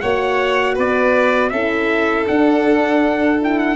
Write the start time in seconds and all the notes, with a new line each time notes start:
0.00 A#3 F#4 C#5 F#5
0.74 B3 B4 D5
1.49 C#4 E4 A4 E5
2.25 D4 F#5
3.40 E4 G5
3.59 F#5